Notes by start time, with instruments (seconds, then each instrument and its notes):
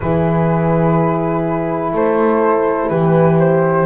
0.00 double bass E3, horn E4 G#4, flute B4
1.93 double bass A3, horn A4, flute C5
2.89 double bass E3, horn G4, flute B4
3.39 flute C5